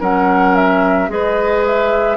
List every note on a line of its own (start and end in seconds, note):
0.00 1.08 F#3
0.00 1.09 C#4
0.00 1.09 A#4
0.00 0.56 F#5
0.56 1.10 E5
1.08 2.17 G#3
1.08 2.17 G#4
1.08 2.17 B4
1.08 1.65 D#5
1.67 2.17 E5